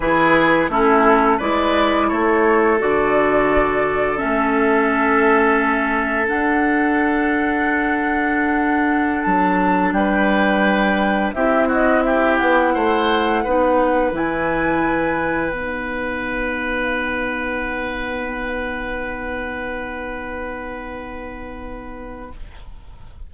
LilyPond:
<<
  \new Staff \with { instrumentName = "flute" } { \time 4/4 \tempo 4 = 86 b'4 a'4 d''4 cis''4 | d''2 e''2~ | e''4 fis''2.~ | fis''4~ fis''16 a''4 g''4.~ g''16~ |
g''16 e''8 dis''8 e''8 fis''2~ fis''16~ | fis''16 gis''2 fis''4.~ fis''16~ | fis''1~ | fis''1 | }
  \new Staff \with { instrumentName = "oboe" } { \time 4/4 gis'4 e'4 b'4 a'4~ | a'1~ | a'1~ | a'2~ a'16 b'4.~ b'16~ |
b'16 g'8 fis'8 g'4 c''4 b'8.~ | b'1~ | b'1~ | b'1 | }
  \new Staff \with { instrumentName = "clarinet" } { \time 4/4 e'4 cis'4 e'2 | fis'2 cis'2~ | cis'4 d'2.~ | d'1~ |
d'16 e'2. dis'8.~ | dis'16 e'2 dis'4.~ dis'16~ | dis'1~ | dis'1 | }
  \new Staff \with { instrumentName = "bassoon" } { \time 4/4 e4 a4 gis4 a4 | d2 a2~ | a4 d'2.~ | d'4~ d'16 fis4 g4.~ g16~ |
g16 c'4. b8 a4 b8.~ | b16 e2 b4.~ b16~ | b1~ | b1 | }
>>